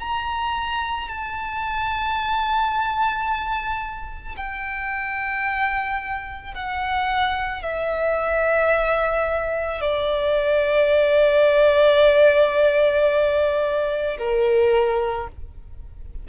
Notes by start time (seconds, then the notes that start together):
0.00 A#5
1.09 A5
4.37 G5
6.55 F#5
7.63 E5
9.81 D5
14.19 A#4